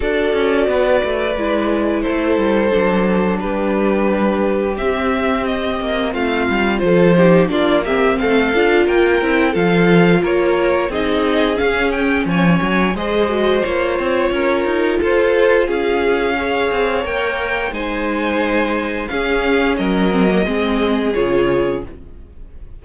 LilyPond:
<<
  \new Staff \with { instrumentName = "violin" } { \time 4/4 \tempo 4 = 88 d''2. c''4~ | c''4 b'2 e''4 | dis''4 f''4 c''4 d''8 e''8 | f''4 g''4 f''4 cis''4 |
dis''4 f''8 g''8 gis''4 dis''4 | cis''2 c''4 f''4~ | f''4 g''4 gis''2 | f''4 dis''2 cis''4 | }
  \new Staff \with { instrumentName = "violin" } { \time 4/4 a'4 b'2 a'4~ | a'4 g'2.~ | g'4 f'4 a'8 g'8 f'8 g'8 | a'4 ais'4 a'4 ais'4 |
gis'2 cis''4 c''4~ | c''4 ais'4 a'4 gis'4 | cis''2 c''2 | gis'4 ais'4 gis'2 | }
  \new Staff \with { instrumentName = "viola" } { \time 4/4 fis'2 e'2 | d'2. c'4~ | c'2 f'8 dis'8 d'8 c'8~ | c'8 f'4 e'8 f'2 |
dis'4 cis'2 gis'8 fis'8 | f'1 | gis'4 ais'4 dis'2 | cis'4. c'16 ais16 c'4 f'4 | }
  \new Staff \with { instrumentName = "cello" } { \time 4/4 d'8 cis'8 b8 a8 gis4 a8 g8 | fis4 g2 c'4~ | c'8 ais8 a8 g8 f4 ais4 | a8 d'8 ais8 c'8 f4 ais4 |
c'4 cis'4 f8 fis8 gis4 | ais8 c'8 cis'8 dis'8 f'4 cis'4~ | cis'8 c'8 ais4 gis2 | cis'4 fis4 gis4 cis4 | }
>>